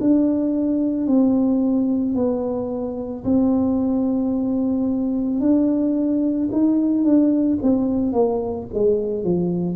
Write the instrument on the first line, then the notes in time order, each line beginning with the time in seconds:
tuba
0.00 D4
1.07 C4
2.15 B3
3.24 C4
5.40 D4
6.51 D#4
7.04 D4
7.62 C4
8.12 A#3
8.74 G#3
9.23 F3